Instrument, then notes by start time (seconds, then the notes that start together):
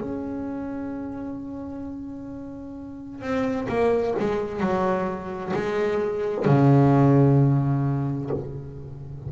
double bass
0.00 C#4
3.22 C4
3.69 A#3
4.20 G#3
4.60 F#3
5.54 G#3
6.46 C#3